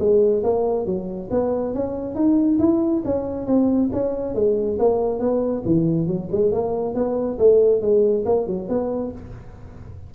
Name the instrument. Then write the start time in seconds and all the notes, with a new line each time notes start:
tuba
0.00 G#3
0.44 A#3
0.86 F#3
1.31 B3
1.74 C#4
2.15 D#4
2.59 E4
3.05 C#4
3.47 C4
3.93 C#4
4.35 G#3
4.79 A#3
5.20 B3
5.66 E3
6.07 F#3
6.32 G#3
6.52 A#3
6.95 B3
7.39 A3
7.82 G#3
8.26 A#3
8.47 F#3
8.69 B3